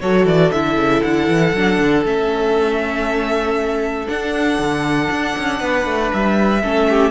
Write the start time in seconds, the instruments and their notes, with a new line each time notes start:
0.00 cello F#3, viola F#4, violin A4 C#5
0.25 cello E3, violin D5
0.51 cello D3, viola E4, violin E5
0.76 cello C#3
1.02 cello D3, violin F#5
1.27 cello E3
1.53 cello F#3, viola D4
1.78 cello D3
2.04 cello A3, viola C#4, violin E5
4.06 viola D4, cello D4, violin F#5
4.58 cello D3
5.10 cello D4
5.37 cello C#4
5.60 cello B3, violin B4
5.85 cello A3
6.13 cello G3, violin E5
6.62 cello A3, viola C#4, violin A4
6.89 violin G4